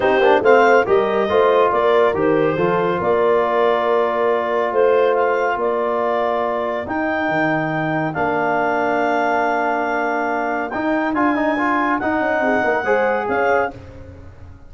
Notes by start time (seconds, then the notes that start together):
0.00 C4 D#4 G4 C5
0.18 A#3 D4
0.41 A3 C4 C5 F5
0.85 G3 G4 A#4 D#5
1.28 A3 F4 C5
1.71 A#3 A#4 D5
2.13 D#3 G4 C5
2.56 F3 F4 A4
2.97 A#3 A#4 D5
4.71 A3 C5
5.14 F5
5.55 A#3 A#4 D5
6.85 D#4 G5
7.28 D#3
8.13 A#3 D4 F5
10.69 D#4 G5
11.13 D4 F4 G#5
11.35 D#4
11.57 F4
11.98 D#4 F#5
12.20 C#4
12.40 C4 G#4
12.63 A#3 A#4
12.84 G#3 G#4 C5
13.28 C#4 C#5 F5